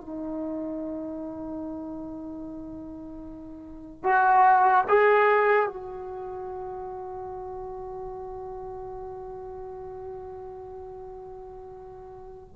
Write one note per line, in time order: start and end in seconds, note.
0.00 4.03 D#4
4.03 4.84 F#4
4.88 5.66 G#4
5.66 12.56 F#4